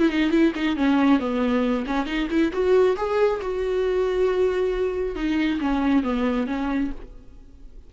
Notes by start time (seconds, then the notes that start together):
0.00 E4
0.10 D#4
0.31 E4
0.56 D#4
0.77 C#4
1.20 B3
1.87 C#4
2.06 D#4
2.31 E4
2.53 F#4
2.97 G#4
3.42 F#4
5.16 D#4
5.61 C#4
6.04 B3
6.47 C#4